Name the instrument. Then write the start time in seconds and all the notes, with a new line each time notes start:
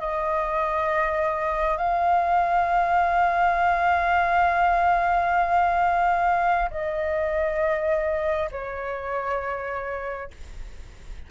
flute
0.00 D#5
1.78 F5
6.71 D#5
8.52 C#5